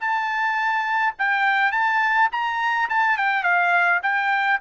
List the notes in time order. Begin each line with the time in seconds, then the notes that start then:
0.00 A5
1.18 G5
1.72 A5
2.32 A#5
2.89 A5
3.17 G5
3.43 F5
4.03 G5